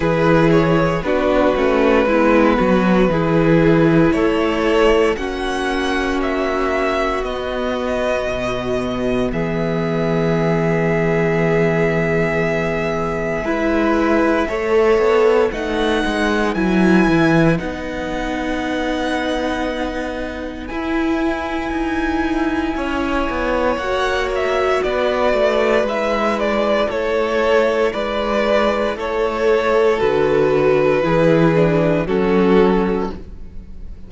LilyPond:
<<
  \new Staff \with { instrumentName = "violin" } { \time 4/4 \tempo 4 = 58 b'8 cis''8 b'2. | cis''4 fis''4 e''4 dis''4~ | dis''4 e''2.~ | e''2. fis''4 |
gis''4 fis''2. | gis''2. fis''8 e''8 | d''4 e''8 d''8 cis''4 d''4 | cis''4 b'2 a'4 | }
  \new Staff \with { instrumentName = "violin" } { \time 4/4 gis'4 fis'4 e'8 fis'8 gis'4 | a'4 fis'2.~ | fis'4 gis'2.~ | gis'4 b'4 cis''4 b'4~ |
b'1~ | b'2 cis''2 | b'2 a'4 b'4 | a'2 gis'4 fis'4 | }
  \new Staff \with { instrumentName = "viola" } { \time 4/4 e'4 d'8 cis'8 b4 e'4~ | e'4 cis'2 b4~ | b1~ | b4 e'4 a'4 dis'4 |
e'4 dis'2. | e'2. fis'4~ | fis'4 e'2.~ | e'4 fis'4 e'8 d'8 cis'4 | }
  \new Staff \with { instrumentName = "cello" } { \time 4/4 e4 b8 a8 gis8 fis8 e4 | a4 ais2 b4 | b,4 e2.~ | e4 gis4 a8 b8 a8 gis8 |
fis8 e8 b2. | e'4 dis'4 cis'8 b8 ais4 | b8 a8 gis4 a4 gis4 | a4 d4 e4 fis4 | }
>>